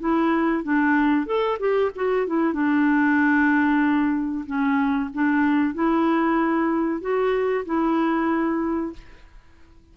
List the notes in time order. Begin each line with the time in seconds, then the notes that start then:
0.00 E4
0.64 D4
1.26 A4
1.59 G4
1.95 F#4
2.27 E4
2.54 D4
4.46 C#4
5.14 D4
5.74 E4
7.01 F#4
7.65 E4